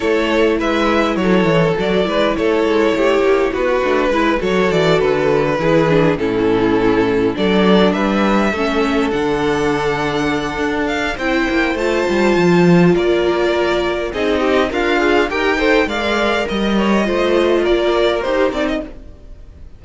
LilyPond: <<
  \new Staff \with { instrumentName = "violin" } { \time 4/4 \tempo 4 = 102 cis''4 e''4 cis''4 d''4 | cis''2 b'4. cis''8 | d''8 b'2 a'4.~ | a'8 d''4 e''2 fis''8~ |
fis''2~ fis''8 f''8 g''4 | a''2 d''2 | dis''4 f''4 g''4 f''4 | dis''2 d''4 c''8 d''16 dis''16 | }
  \new Staff \with { instrumentName = "violin" } { \time 4/4 a'4 b'4 a'4. b'8 | a'4 g'4 fis'4 b'8 a'8~ | a'4. gis'4 e'4.~ | e'8 a'4 b'4 a'4.~ |
a'2. c''4~ | c''2 ais'2 | gis'8 g'8 f'4 ais'8 c''8 d''4 | dis''8 cis''8 c''4 ais'2 | }
  \new Staff \with { instrumentName = "viola" } { \time 4/4 e'2. fis'8 e'8~ | e'2~ e'8 d'8 e'8 fis'8~ | fis'4. e'8 d'8 cis'4.~ | cis'8 d'2 cis'4 d'8~ |
d'2. e'4 | f'1 | dis'4 ais'8 gis'8 g'8 a'8 ais'4~ | ais'4 f'2 g'8 dis'8 | }
  \new Staff \with { instrumentName = "cello" } { \time 4/4 a4 gis4 fis8 e8 fis8 gis8 | a8 gis8 a8 ais8 b8 a8 gis8 fis8 | e8 d4 e4 a,4.~ | a,8 fis4 g4 a4 d8~ |
d2 d'4 c'8 ais8 | a8 g8 f4 ais2 | c'4 d'4 dis'4 gis4 | g4 a4 ais4 dis'8 c'8 | }
>>